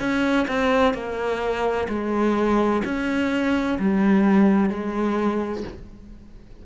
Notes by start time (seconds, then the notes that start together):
0.00 C#4
0.48 C4
0.94 A#3
1.89 G#3
2.85 C#4
3.79 G3
4.70 G#3